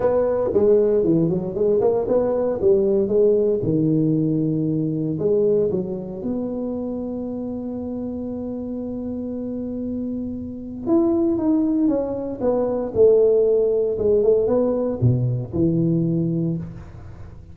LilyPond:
\new Staff \with { instrumentName = "tuba" } { \time 4/4 \tempo 4 = 116 b4 gis4 e8 fis8 gis8 ais8 | b4 g4 gis4 dis4~ | dis2 gis4 fis4 | b1~ |
b1~ | b4 e'4 dis'4 cis'4 | b4 a2 gis8 a8 | b4 b,4 e2 | }